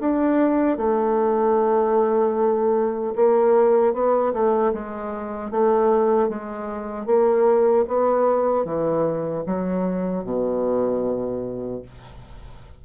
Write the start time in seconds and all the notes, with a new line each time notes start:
0.00 D4
0.77 A3
3.15 A#3
3.93 B3
4.33 A3
4.73 G#3
5.51 A3
6.29 G#3
7.06 A#3
7.87 B3
8.64 E3
9.46 F#3
10.24 B2